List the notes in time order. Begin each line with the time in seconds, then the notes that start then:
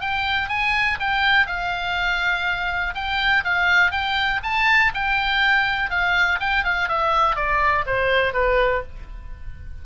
0.00 G5
0.48 G#5
0.99 G5
1.46 F5
2.94 G5
3.44 F5
3.91 G5
4.43 A5
4.94 G5
5.90 F5
6.40 G5
6.64 F5
6.88 E5
7.35 D5
7.86 C5
8.33 B4